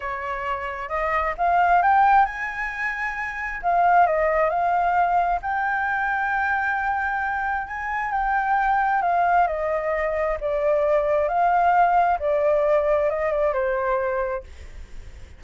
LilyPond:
\new Staff \with { instrumentName = "flute" } { \time 4/4 \tempo 4 = 133 cis''2 dis''4 f''4 | g''4 gis''2. | f''4 dis''4 f''2 | g''1~ |
g''4 gis''4 g''2 | f''4 dis''2 d''4~ | d''4 f''2 d''4~ | d''4 dis''8 d''8 c''2 | }